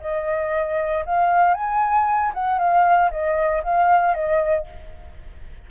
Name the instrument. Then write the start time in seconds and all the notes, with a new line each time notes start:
flute
0.00 D#5
1.05 F5
1.54 G#5
2.34 F#5
2.58 F5
3.11 D#5
3.64 F5
4.14 D#5